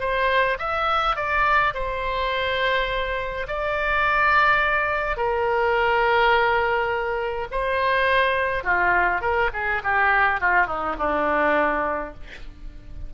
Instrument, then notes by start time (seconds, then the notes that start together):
oboe
0.00 C5
0.59 E5
1.16 D5
1.74 C5
3.47 D5
5.17 A#4
7.51 C5
8.64 F4
9.21 A#4
9.53 G#4
9.84 G4
10.40 F4
10.67 D#4
10.99 D4